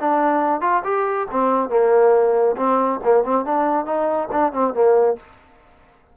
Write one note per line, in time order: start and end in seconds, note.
0.00 0.61 D4
0.61 0.83 F4
0.84 1.27 G4
1.31 1.69 C4
1.69 2.56 A#3
2.57 3.00 C4
3.04 3.24 A#3
3.24 3.45 C4
3.45 3.85 D4
3.85 4.29 D#4
4.31 4.52 D4
4.52 4.73 C4
4.73 5.17 A#3